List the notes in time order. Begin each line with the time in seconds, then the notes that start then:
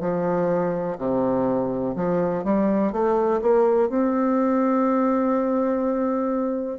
0.00 F3
0.98 C3
1.95 F3
2.43 G3
2.92 A3
3.41 A#3
3.89 C4